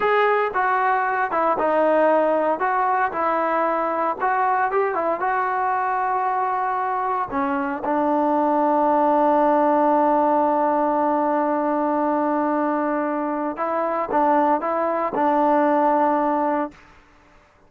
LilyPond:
\new Staff \with { instrumentName = "trombone" } { \time 4/4 \tempo 4 = 115 gis'4 fis'4. e'8 dis'4~ | dis'4 fis'4 e'2 | fis'4 g'8 e'8 fis'2~ | fis'2 cis'4 d'4~ |
d'1~ | d'1~ | d'2 e'4 d'4 | e'4 d'2. | }